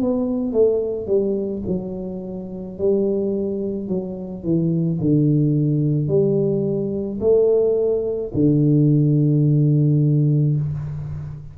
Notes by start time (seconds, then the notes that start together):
0.00 B3
0.52 A3
1.06 G3
1.67 F#3
2.78 G3
3.88 F#3
4.43 E3
5.00 D3
6.08 G3
7.20 A3
8.34 D3